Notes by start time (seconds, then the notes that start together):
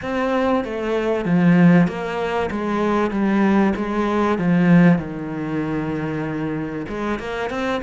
0.02 C4
0.64 A3
1.25 F3
1.87 A#3
2.50 G#3
3.11 G3
3.76 G#3
4.38 F3
4.98 D#3
6.88 G#3
7.19 A#3
7.50 C4